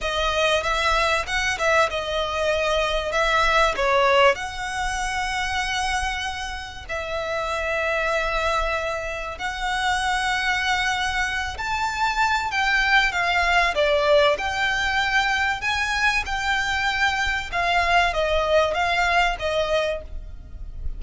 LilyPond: \new Staff \with { instrumentName = "violin" } { \time 4/4 \tempo 4 = 96 dis''4 e''4 fis''8 e''8 dis''4~ | dis''4 e''4 cis''4 fis''4~ | fis''2. e''4~ | e''2. fis''4~ |
fis''2~ fis''8 a''4. | g''4 f''4 d''4 g''4~ | g''4 gis''4 g''2 | f''4 dis''4 f''4 dis''4 | }